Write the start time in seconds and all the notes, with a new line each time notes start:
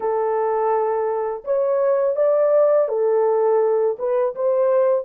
0.00 A4
1.44 C#5
2.16 D5
2.88 A4
3.98 B4
4.35 C5